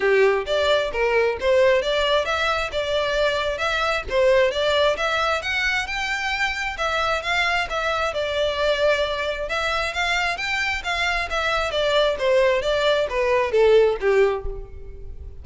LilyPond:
\new Staff \with { instrumentName = "violin" } { \time 4/4 \tempo 4 = 133 g'4 d''4 ais'4 c''4 | d''4 e''4 d''2 | e''4 c''4 d''4 e''4 | fis''4 g''2 e''4 |
f''4 e''4 d''2~ | d''4 e''4 f''4 g''4 | f''4 e''4 d''4 c''4 | d''4 b'4 a'4 g'4 | }